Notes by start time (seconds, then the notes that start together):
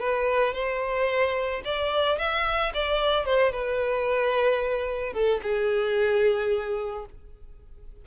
0.00 B4
0.54 C5
1.65 D5
2.18 E5
2.74 D5
3.25 C5
3.52 B4
5.13 A4
5.43 G#4